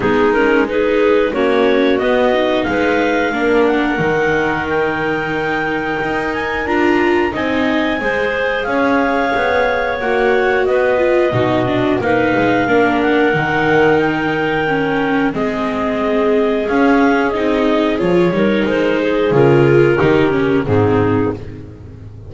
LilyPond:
<<
  \new Staff \with { instrumentName = "clarinet" } { \time 4/4 \tempo 4 = 90 gis'8 ais'8 b'4 cis''4 dis''4 | f''4. fis''4. g''4~ | g''4. gis''8 ais''4 gis''4~ | gis''4 f''2 fis''4 |
dis''2 f''4. fis''8~ | fis''4 g''2 dis''4~ | dis''4 f''4 dis''4 cis''4 | c''4 ais'2 gis'4 | }
  \new Staff \with { instrumentName = "clarinet" } { \time 4/4 dis'4 gis'4 fis'2 | b'4 ais'2.~ | ais'2. dis''4 | c''4 cis''2. |
b'4 fis'4 b'4 ais'4~ | ais'2. gis'4~ | gis'2.~ gis'8 ais'8~ | ais'8 gis'4. g'4 dis'4 | }
  \new Staff \with { instrumentName = "viola" } { \time 4/4 b8 cis'8 dis'4 cis'4 b8 dis'8~ | dis'4 d'4 dis'2~ | dis'2 f'4 dis'4 | gis'2. fis'4~ |
fis'8 f'8 dis'8 d'8 dis'4 d'4 | dis'2 cis'4 c'4~ | c'4 cis'4 dis'4 f'8 dis'8~ | dis'4 f'4 dis'8 cis'8 c'4 | }
  \new Staff \with { instrumentName = "double bass" } { \time 4/4 gis2 ais4 b4 | gis4 ais4 dis2~ | dis4 dis'4 d'4 c'4 | gis4 cis'4 b4 ais4 |
b4 b,4 ais8 gis8 ais4 | dis2. gis4~ | gis4 cis'4 c'4 f8 g8 | gis4 cis4 dis4 gis,4 | }
>>